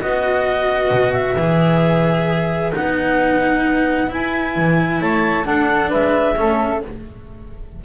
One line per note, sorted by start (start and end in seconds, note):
0.00 0.91 B3
0.00 1.36 F#4
0.00 5.01 B4
0.00 1.13 D#5
0.91 1.36 B2
1.13 2.72 E5
1.37 2.73 E3
1.37 2.72 G#4
2.72 4.11 B3
2.72 4.07 D#4
2.72 4.11 F#5
4.07 5.44 E4
4.07 4.56 E4
4.07 5.01 G#5
4.56 5.01 E3
5.01 5.47 A3
5.01 5.46 C#5
5.01 5.46 A5
5.44 6.35 D4
5.44 5.92 D4
5.44 5.90 A4
5.44 5.91 F#5
5.90 6.39 G#3
5.90 6.35 B4
5.90 6.82 E5
6.36 6.84 A3
6.36 6.82 C#4
6.36 6.84 A4